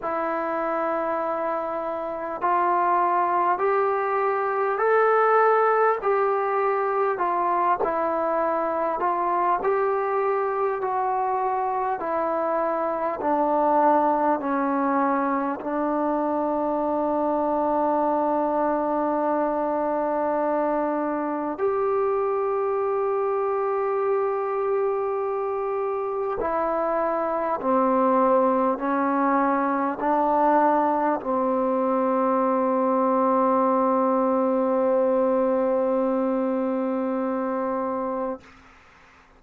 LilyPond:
\new Staff \with { instrumentName = "trombone" } { \time 4/4 \tempo 4 = 50 e'2 f'4 g'4 | a'4 g'4 f'8 e'4 f'8 | g'4 fis'4 e'4 d'4 | cis'4 d'2.~ |
d'2 g'2~ | g'2 e'4 c'4 | cis'4 d'4 c'2~ | c'1 | }